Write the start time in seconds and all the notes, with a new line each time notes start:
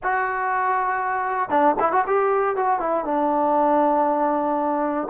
0.03 F#4
1.49 D4
1.79 E4
1.92 F#4
2.06 G4
2.55 F#4
2.79 E4
3.04 D4